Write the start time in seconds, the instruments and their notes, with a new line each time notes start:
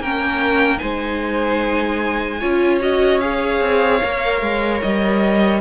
0.00 cello A#3, viola C#4, violin A#4 G5
0.78 cello G#3, viola D#4, violin C5 G#5
2.40 cello C#4, viola F4, violin C#5
2.80 viola F#4, violin D#5
3.20 viola G#4, violin F5
3.61 cello C4
4.02 cello A#3, viola A#4
4.41 cello G#3
4.82 cello G3, violin D#5